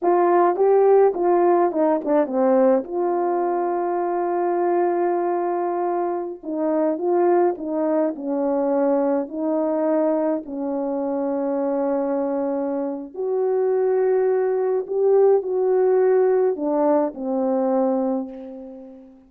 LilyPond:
\new Staff \with { instrumentName = "horn" } { \time 4/4 \tempo 4 = 105 f'4 g'4 f'4 dis'8 d'8 | c'4 f'2.~ | f'2.~ f'16 dis'8.~ | dis'16 f'4 dis'4 cis'4.~ cis'16~ |
cis'16 dis'2 cis'4.~ cis'16~ | cis'2. fis'4~ | fis'2 g'4 fis'4~ | fis'4 d'4 c'2 | }